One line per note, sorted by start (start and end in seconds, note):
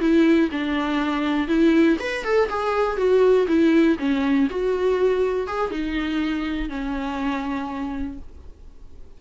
0.00 0.50 E4
0.51 1.47 D4
1.47 1.97 E4
1.99 2.24 B4
2.24 2.49 A4
2.49 2.97 G#4
2.97 3.46 F#4
3.48 3.97 E4
3.98 4.48 C#4
4.50 5.47 F#4
5.47 5.70 G#4
5.70 6.69 D#4
6.69 8.18 C#4